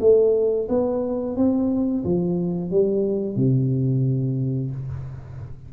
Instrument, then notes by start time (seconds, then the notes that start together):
tuba
0.00 A3
0.69 B3
1.36 C4
2.04 F3
2.70 G3
3.36 C3